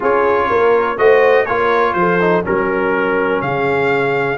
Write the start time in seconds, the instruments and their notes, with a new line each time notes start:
0.00 tuba C#4, trombone F4, horn G#4, trumpet C#5
0.49 tuba A#3, horn A#4
0.97 tuba A3, trombone F#4, horn C5, trumpet D#5
1.45 tuba A#3, trombone F4, horn A#4, trumpet C#5
1.93 tuba F3, horn A4, trumpet C5
2.20 trombone D#4
2.43 tuba F#3, trombone C#4, trumpet A#4, horn A#4
3.41 tuba C#3, horn G#4, trumpet F5